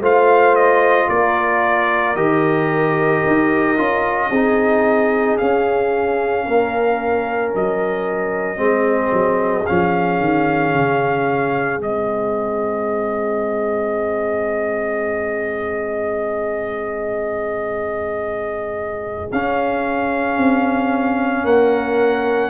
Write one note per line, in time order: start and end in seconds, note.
0.00 1.07 A3
0.00 2.16 F4
0.00 1.08 C5
0.00 0.55 F5
0.55 1.08 D#5
1.08 2.15 A#3
1.08 4.29 A#4
1.08 2.15 D5
2.15 3.22 D#3
2.15 3.77 G4
2.15 5.37 D#5
3.27 3.78 D#4
3.77 4.30 C#4
3.77 4.30 F4
4.29 5.37 C4
4.29 5.39 D#4
4.29 6.44 G#4
5.37 8.56 C#4
5.37 6.46 C#4
5.37 7.52 F5
6.45 7.54 A#3
6.45 8.60 A#4
7.54 8.58 F#3
7.54 9.66 D#5
8.56 9.11 G#3
8.56 9.63 C4
8.56 21.44 G#4
9.12 9.66 F#3
9.66 10.19 F3
9.66 11.79 C#4
9.66 11.80 F5
10.19 10.73 D#3
10.73 11.77 C#3
11.77 19.27 G#3
11.77 19.29 C4
11.77 19.31 D#5
19.31 20.37 C#4
19.31 22.50 C#4
19.31 21.46 F5
20.37 21.44 C4
21.44 22.50 A#3
21.44 22.50 A#4
21.44 22.50 F#5